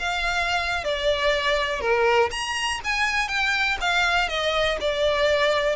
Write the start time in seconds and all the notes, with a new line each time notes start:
0.00 F5
0.85 D5
1.81 A#4
2.31 A#5
2.85 G#5
3.29 G5
3.81 F5
4.29 D#5
4.81 D5